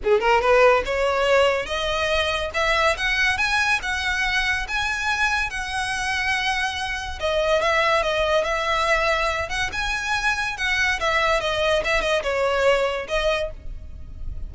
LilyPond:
\new Staff \with { instrumentName = "violin" } { \time 4/4 \tempo 4 = 142 gis'8 ais'8 b'4 cis''2 | dis''2 e''4 fis''4 | gis''4 fis''2 gis''4~ | gis''4 fis''2.~ |
fis''4 dis''4 e''4 dis''4 | e''2~ e''8 fis''8 gis''4~ | gis''4 fis''4 e''4 dis''4 | e''8 dis''8 cis''2 dis''4 | }